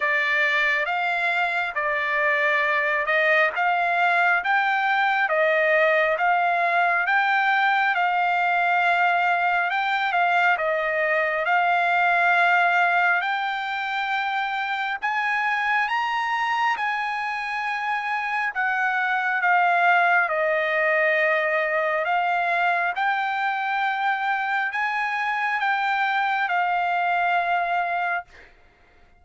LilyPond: \new Staff \with { instrumentName = "trumpet" } { \time 4/4 \tempo 4 = 68 d''4 f''4 d''4. dis''8 | f''4 g''4 dis''4 f''4 | g''4 f''2 g''8 f''8 | dis''4 f''2 g''4~ |
g''4 gis''4 ais''4 gis''4~ | gis''4 fis''4 f''4 dis''4~ | dis''4 f''4 g''2 | gis''4 g''4 f''2 | }